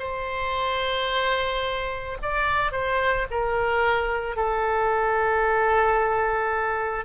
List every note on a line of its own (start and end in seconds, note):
0.00 2.18 C5
2.23 2.72 D5
2.72 3.27 C5
3.31 4.37 A#4
4.37 7.06 A4